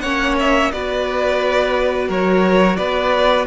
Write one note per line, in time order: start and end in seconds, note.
0.00 0.71 A#3
0.00 0.73 C#4
0.00 0.71 C#5
0.00 0.34 F#5
0.39 0.71 E5
0.71 2.09 B3
0.71 3.46 F#4
0.71 2.08 B4
0.71 2.09 D5
2.08 2.78 F#3
2.08 2.77 A#4
2.08 2.76 C#5
2.76 3.46 B3
2.76 3.46 B4
2.76 3.45 D5